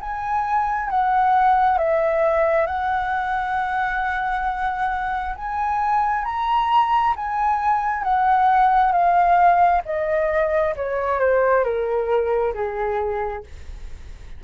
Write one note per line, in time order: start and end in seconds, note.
0.00 0.90 G#5
0.90 1.77 F#5
1.77 2.66 E5
2.66 5.35 F#5
5.35 6.24 G#5
6.24 7.14 A#5
7.16 8.03 G#5
8.03 8.91 F#5
8.91 9.81 F5
9.85 10.75 D#5
10.75 11.19 C#5
11.19 11.63 C5
11.63 12.53 A#4
12.54 13.43 G#4